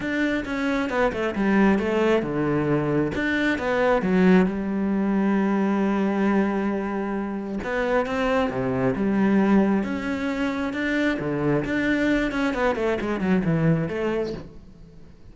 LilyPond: \new Staff \with { instrumentName = "cello" } { \time 4/4 \tempo 4 = 134 d'4 cis'4 b8 a8 g4 | a4 d2 d'4 | b4 fis4 g2~ | g1~ |
g4 b4 c'4 c4 | g2 cis'2 | d'4 d4 d'4. cis'8 | b8 a8 gis8 fis8 e4 a4 | }